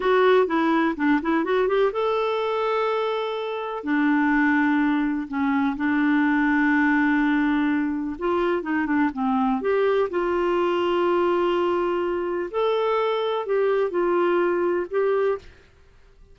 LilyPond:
\new Staff \with { instrumentName = "clarinet" } { \time 4/4 \tempo 4 = 125 fis'4 e'4 d'8 e'8 fis'8 g'8 | a'1 | d'2. cis'4 | d'1~ |
d'4 f'4 dis'8 d'8 c'4 | g'4 f'2.~ | f'2 a'2 | g'4 f'2 g'4 | }